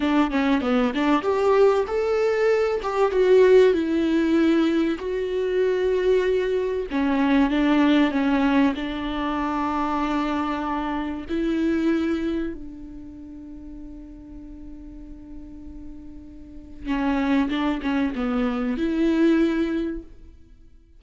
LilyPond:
\new Staff \with { instrumentName = "viola" } { \time 4/4 \tempo 4 = 96 d'8 cis'8 b8 d'8 g'4 a'4~ | a'8 g'8 fis'4 e'2 | fis'2. cis'4 | d'4 cis'4 d'2~ |
d'2 e'2 | d'1~ | d'2. cis'4 | d'8 cis'8 b4 e'2 | }